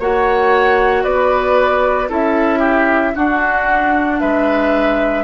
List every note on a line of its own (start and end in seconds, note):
0.00 1.05 A#3
0.00 2.10 F#4
0.00 1.04 C#5
0.00 1.04 F#5
1.04 2.10 B3
1.04 2.09 B4
1.04 2.09 D5
2.10 3.15 C#4
2.10 3.15 E4
2.10 2.59 A4
2.10 3.18 E5
2.59 3.12 G4
3.16 5.25 D4
3.16 4.22 D4
3.16 4.21 F#4
3.16 4.20 F#5
4.20 5.25 G#3
4.20 5.25 B4
4.20 5.25 E5